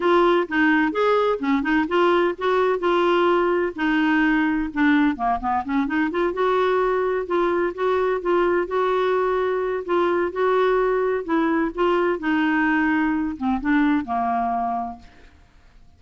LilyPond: \new Staff \with { instrumentName = "clarinet" } { \time 4/4 \tempo 4 = 128 f'4 dis'4 gis'4 cis'8 dis'8 | f'4 fis'4 f'2 | dis'2 d'4 ais8 b8 | cis'8 dis'8 f'8 fis'2 f'8~ |
f'8 fis'4 f'4 fis'4.~ | fis'4 f'4 fis'2 | e'4 f'4 dis'2~ | dis'8 c'8 d'4 ais2 | }